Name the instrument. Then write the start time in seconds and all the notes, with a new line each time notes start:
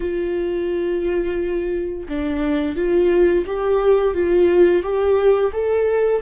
viola
0.00 F4
2.08 D4
2.76 F4
3.46 G4
4.13 F4
4.82 G4
5.52 A4